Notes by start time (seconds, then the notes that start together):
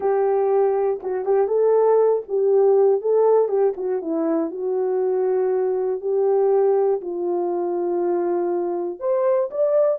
0.00 G4
1.02 F#4
1.25 G4
1.47 A4
2.28 G4
3.01 A4
3.48 G4
3.76 F#4
4.01 E4
4.50 F#4
6.00 G4
7.01 F4
8.99 C5
9.50 D5